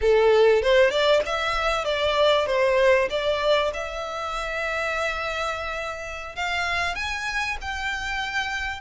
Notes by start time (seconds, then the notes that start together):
0.01 A4
0.62 C5
0.90 D5
1.25 E5
1.84 D5
2.46 C5
3.09 D5
3.73 E5
6.35 F5
6.95 G#5
7.61 G5